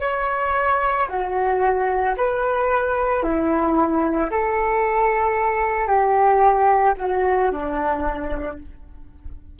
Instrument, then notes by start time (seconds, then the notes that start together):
flute
0.00 C#5
1.08 F#4
2.17 B4
3.22 E4
4.30 A4
5.87 G4
6.97 F#4
7.51 D4